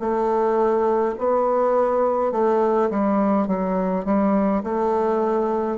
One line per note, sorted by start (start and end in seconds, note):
0.00 1.15 A3
1.18 2.32 B3
2.32 2.90 A3
2.90 3.48 G3
3.48 4.05 F#3
4.05 4.63 G3
4.64 5.78 A3